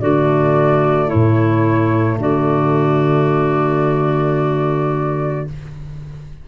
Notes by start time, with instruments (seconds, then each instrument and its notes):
0.00 tuba D3, horn A3, clarinet F#4, flute D5
1.07 clarinet E4, flute C#5
1.14 tuba A2
2.18 tuba D3, clarinet F#4, flute D5